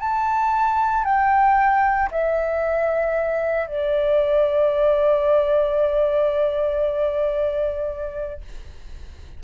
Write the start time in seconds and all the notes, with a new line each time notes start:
0.00 A5
1.04 G5
2.11 E5
3.67 D5